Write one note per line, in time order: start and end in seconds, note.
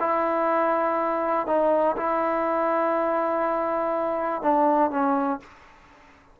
0.00 1.47 E4
1.47 1.96 D#4
1.97 4.43 E4
4.43 4.91 D4
4.91 5.40 C#4